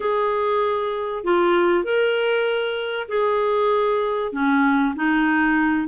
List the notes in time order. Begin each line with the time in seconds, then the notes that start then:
0.00 G#4
1.23 F4
1.84 A#4
3.08 G#4
4.32 C#4
4.95 D#4